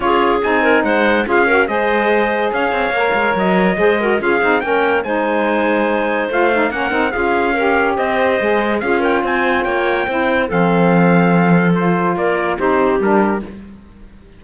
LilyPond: <<
  \new Staff \with { instrumentName = "trumpet" } { \time 4/4 \tempo 4 = 143 cis''4 gis''4 fis''4 f''4 | dis''2 f''2 | dis''2 f''4 g''4 | gis''2. f''4 |
fis''4 f''2 dis''4~ | dis''4 f''8 g''8 gis''4 g''4~ | g''4 f''2. | c''4 d''4 c''4 ais'4 | }
  \new Staff \with { instrumentName = "clarinet" } { \time 4/4 gis'4. ais'8 c''4 gis'8 ais'8 | c''2 cis''2~ | cis''4 c''8 ais'8 gis'4 ais'4 | c''1 |
ais'4 gis'4 ais'4 c''4~ | c''4 gis'8 ais'8 c''4 cis''4 | c''4 a'2.~ | a'4 ais'4 g'2 | }
  \new Staff \with { instrumentName = "saxophone" } { \time 4/4 f'4 dis'2 f'8 fis'8 | gis'2. ais'4~ | ais'4 gis'8 fis'8 f'8 dis'8 cis'4 | dis'2. f'8 dis'8 |
cis'8 dis'8 f'4 g'2 | gis'4 f'2. | e'4 c'2. | f'2 dis'4 d'4 | }
  \new Staff \with { instrumentName = "cello" } { \time 4/4 cis'4 c'4 gis4 cis'4 | gis2 cis'8 c'8 ais8 gis8 | fis4 gis4 cis'8 c'8 ais4 | gis2. a4 |
ais8 c'8 cis'2 c'4 | gis4 cis'4 c'4 ais4 | c'4 f2.~ | f4 ais4 c'4 g4 | }
>>